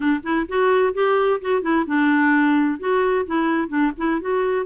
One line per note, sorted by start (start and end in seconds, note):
0.00 0.20 D4
0.23 0.46 E4
0.48 0.93 F#4
0.93 1.40 G4
1.41 1.62 F#4
1.62 1.85 E4
1.86 2.79 D4
2.79 3.25 F#4
3.26 3.68 E4
3.68 3.91 D4
3.97 4.20 E4
4.20 4.66 F#4